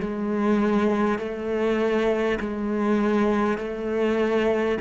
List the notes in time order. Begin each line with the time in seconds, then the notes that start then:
0.00 G#3
1.18 A3
2.39 G#3
3.58 A3